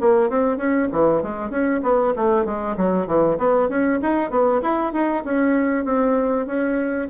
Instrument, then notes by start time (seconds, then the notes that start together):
bassoon
0.00 A#3
0.29 C4
0.57 C#4
0.92 E3
1.22 G#3
1.50 C#4
1.83 B3
2.16 A3
2.45 G#3
2.76 F#3
3.06 E3
3.38 B3
3.69 C#4
4.02 D#4
4.30 B3
4.62 E4
4.93 D#4
5.24 C#4
5.85 C4
6.46 C#4